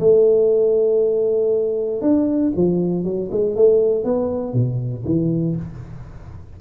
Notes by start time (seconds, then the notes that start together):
0.00 A3
2.01 D4
2.56 F3
3.04 F#3
3.32 G#3
3.56 A3
4.04 B3
4.54 B2
5.05 E3